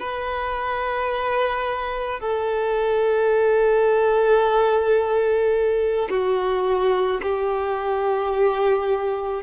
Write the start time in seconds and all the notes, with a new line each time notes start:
0.00 B4
2.20 A4
6.10 F#4
7.23 G4